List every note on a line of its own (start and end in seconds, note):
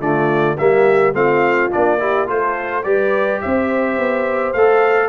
0.00 0.57 D3
0.00 0.57 A3
0.00 0.57 F4
0.00 0.58 D5
0.58 1.14 G3
0.58 1.14 A#3
0.58 1.15 G4
0.58 1.15 E5
1.14 1.71 A3
1.14 1.70 C4
1.14 2.00 F4
1.14 1.72 F5
1.71 2.31 A#3
1.71 1.99 D4
1.71 2.29 D5
2.00 2.27 E4
2.00 2.27 G4
2.27 2.85 A3
2.27 2.83 F4
2.27 2.84 A4
2.27 2.84 C5
2.84 3.42 G3
2.84 4.54 G4
2.84 3.42 B4
2.84 3.40 D5
3.42 3.98 C4
3.42 5.09 C5
3.42 4.53 E5
3.98 4.54 B3
4.53 5.09 A3
4.53 5.09 A4
4.53 5.09 F5